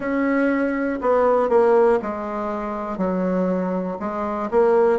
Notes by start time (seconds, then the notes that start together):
0.00 C#4
1.00 B3
1.49 A#3
2.02 G#3
2.97 F#3
3.99 G#3
4.50 A#3